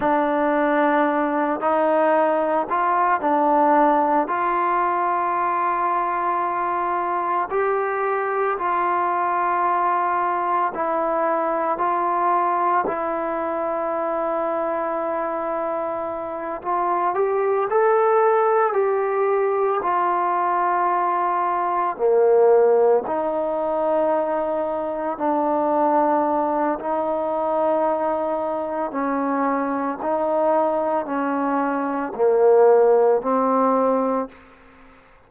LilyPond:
\new Staff \with { instrumentName = "trombone" } { \time 4/4 \tempo 4 = 56 d'4. dis'4 f'8 d'4 | f'2. g'4 | f'2 e'4 f'4 | e'2.~ e'8 f'8 |
g'8 a'4 g'4 f'4.~ | f'8 ais4 dis'2 d'8~ | d'4 dis'2 cis'4 | dis'4 cis'4 ais4 c'4 | }